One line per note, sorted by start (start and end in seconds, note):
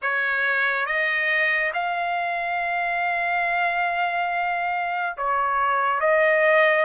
0.02 0.86 C#5
0.86 1.71 D#5
1.73 5.16 F5
5.17 6.00 C#5
6.00 6.85 D#5